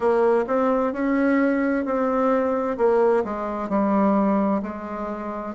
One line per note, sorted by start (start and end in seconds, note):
0.00 0.45 A#3
0.47 0.92 C4
0.92 1.85 C#4
1.85 2.77 C4
2.77 3.23 A#3
3.24 3.69 G#3
3.69 4.61 G3
4.62 5.54 G#3